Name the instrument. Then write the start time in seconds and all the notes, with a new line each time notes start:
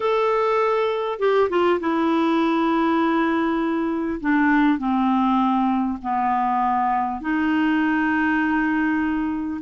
clarinet
0.00 A4
1.19 G4
1.49 F4
1.80 E4
4.20 D4
4.78 C4
6.02 B3
7.20 D#4